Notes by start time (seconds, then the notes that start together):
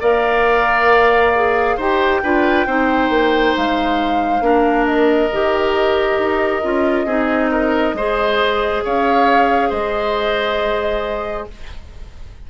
0.00 A#3 A#4 D5 F5
1.34 G#4
1.77 D#4 G4 C5 G5
2.23 D4 F4 B4
2.66 C4 D#4 C5
3.10 A#3
3.56 G#3 F5
4.40 A#3 D4 A#4
4.86 D#5
5.32 D#3 G4
6.18 D#4
6.63 C#4 F4
7.05 C4 D#4 G#4
7.51 A#4
7.93 G#3 G#4 C5
8.84 C#4 C#5 F5
9.69 G#3 C5 D#5